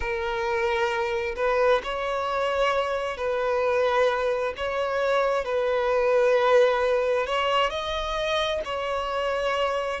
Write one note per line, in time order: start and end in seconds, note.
0.00 1.35 A#4
1.36 1.81 B4
1.83 3.17 C#5
3.17 4.53 B4
4.56 5.45 C#5
5.45 7.26 B4
7.26 7.70 C#5
7.70 8.61 D#5
8.64 10.00 C#5